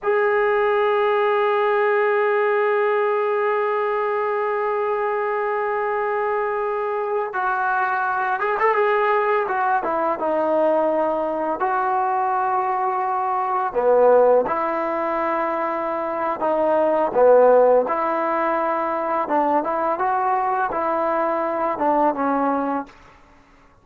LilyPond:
\new Staff \with { instrumentName = "trombone" } { \time 4/4 \tempo 4 = 84 gis'1~ | gis'1~ | gis'2~ gis'16 fis'4. gis'16 | a'16 gis'4 fis'8 e'8 dis'4.~ dis'16~ |
dis'16 fis'2. b8.~ | b16 e'2~ e'8. dis'4 | b4 e'2 d'8 e'8 | fis'4 e'4. d'8 cis'4 | }